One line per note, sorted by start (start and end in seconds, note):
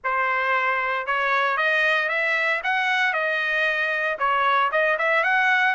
0.04 1.06 C5
1.06 1.57 C#5
1.57 2.08 D#5
2.08 2.61 E5
2.63 3.13 F#5
3.13 4.17 D#5
4.18 4.71 C#5
4.71 4.97 D#5
4.98 5.23 E5
5.23 5.74 F#5